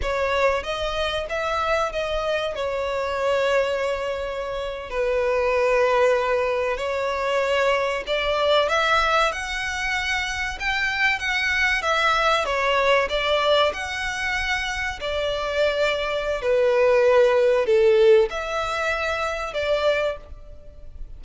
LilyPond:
\new Staff \with { instrumentName = "violin" } { \time 4/4 \tempo 4 = 95 cis''4 dis''4 e''4 dis''4 | cis''2.~ cis''8. b'16~ | b'2~ b'8. cis''4~ cis''16~ | cis''8. d''4 e''4 fis''4~ fis''16~ |
fis''8. g''4 fis''4 e''4 cis''16~ | cis''8. d''4 fis''2 d''16~ | d''2 b'2 | a'4 e''2 d''4 | }